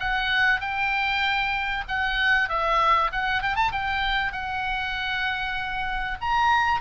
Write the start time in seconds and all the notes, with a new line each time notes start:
0.00 F#5
0.61 G5
1.88 F#5
2.49 E5
3.12 F#5
3.42 G5
3.56 A5
3.72 G5
4.32 F#5
6.21 A#5